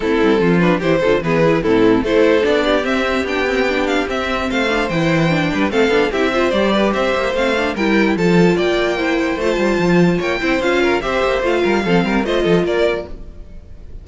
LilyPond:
<<
  \new Staff \with { instrumentName = "violin" } { \time 4/4 \tempo 4 = 147 a'4. b'8 c''4 b'4 | a'4 c''4 d''4 e''4 | g''4. f''8 e''4 f''4 | g''2 f''4 e''4 |
d''4 e''4 f''4 g''4 | a''4 g''2 a''4~ | a''4 g''4 f''4 e''4 | f''2 dis''4 d''4 | }
  \new Staff \with { instrumentName = "violin" } { \time 4/4 e'4 f'4 g'8 a'8 gis'4 | e'4 a'4. g'4.~ | g'2. c''4~ | c''4. b'8 a'4 g'8 c''8~ |
c''8 b'8 c''2 ais'4 | a'4 d''4 c''2~ | c''4 cis''8 c''4 ais'8 c''4~ | c''8 ais'8 a'8 ais'8 c''8 a'8 ais'4 | }
  \new Staff \with { instrumentName = "viola" } { \time 4/4 c'4. d'8 e'8 f'8 b8 e'8 | c'4 e'4 d'4 c'4 | d'8 c'8 d'4 c'4. d'8 | e'4 d'4 c'8 d'8 e'8 f'8 |
g'2 c'8 d'8 e'4 | f'2 e'4 f'4~ | f'4. e'8 f'4 g'4 | f'4 c'4 f'2 | }
  \new Staff \with { instrumentName = "cello" } { \time 4/4 a8 g8 f4 e8 d8 e4 | a,4 a4 b4 c'4 | b2 c'4 a4 | e4. g8 a8 b8 c'4 |
g4 c'8 ais8 a4 g4 | f4 ais2 a8 g8 | f4 ais8 c'8 cis'4 c'8 ais8 | a8 g8 f8 g8 a8 f8 ais4 | }
>>